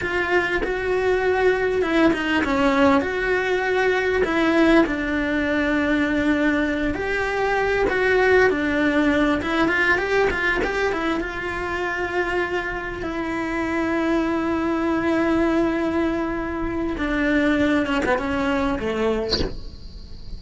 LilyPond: \new Staff \with { instrumentName = "cello" } { \time 4/4 \tempo 4 = 99 f'4 fis'2 e'8 dis'8 | cis'4 fis'2 e'4 | d'2.~ d'8 g'8~ | g'4 fis'4 d'4. e'8 |
f'8 g'8 f'8 g'8 e'8 f'4.~ | f'4. e'2~ e'8~ | e'1 | d'4. cis'16 b16 cis'4 a4 | }